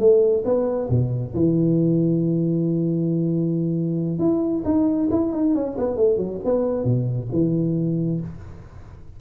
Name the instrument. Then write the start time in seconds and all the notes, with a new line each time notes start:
tuba
0.00 A3
0.45 B3
0.90 B2
1.34 E3
4.19 E4
4.65 D#4
5.11 E4
5.33 D#4
5.55 C#4
5.78 B3
5.97 A3
6.17 F#3
6.45 B3
6.85 B2
7.33 E3